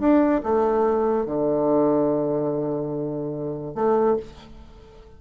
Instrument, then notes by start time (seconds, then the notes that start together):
bassoon
0.00 D4
0.44 A3
1.26 D3
3.75 A3